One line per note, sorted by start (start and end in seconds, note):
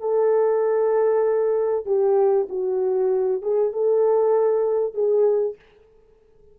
0.00 1.86 A4
1.86 2.47 G4
2.49 3.42 F#4
3.42 3.73 G#4
3.73 4.94 A4
4.94 5.56 G#4